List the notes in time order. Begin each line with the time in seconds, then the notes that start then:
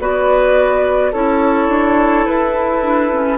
0.00 B3 F#4 B4 D5
1.12 C#4 E4 A4 C#5
1.69 D4
2.26 E4 B4
2.83 D4
3.13 C#4